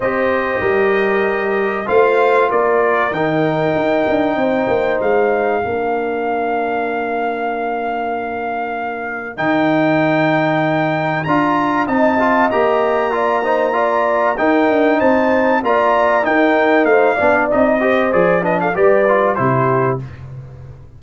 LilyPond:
<<
  \new Staff \with { instrumentName = "trumpet" } { \time 4/4 \tempo 4 = 96 dis''2. f''4 | d''4 g''2. | f''1~ | f''2. g''4~ |
g''2 ais''4 a''4 | ais''2. g''4 | a''4 ais''4 g''4 f''4 | dis''4 d''8 dis''16 f''16 d''4 c''4 | }
  \new Staff \with { instrumentName = "horn" } { \time 4/4 c''4 ais'2 c''4 | ais'2. c''4~ | c''4 ais'2.~ | ais'1~ |
ais'2. dis''4~ | dis''4 d''8 c''8 d''4 ais'4 | c''4 d''4 ais'4 c''8 d''8~ | d''8 c''4 b'16 a'16 b'4 g'4 | }
  \new Staff \with { instrumentName = "trombone" } { \time 4/4 g'2. f'4~ | f'4 dis'2.~ | dis'4 d'2.~ | d'2. dis'4~ |
dis'2 f'4 dis'8 f'8 | g'4 f'8 dis'8 f'4 dis'4~ | dis'4 f'4 dis'4. d'8 | dis'8 g'8 gis'8 d'8 g'8 f'8 e'4 | }
  \new Staff \with { instrumentName = "tuba" } { \time 4/4 c'4 g2 a4 | ais4 dis4 dis'8 d'8 c'8 ais8 | gis4 ais2.~ | ais2. dis4~ |
dis2 d'4 c'4 | ais2. dis'8 d'8 | c'4 ais4 dis'4 a8 b8 | c'4 f4 g4 c4 | }
>>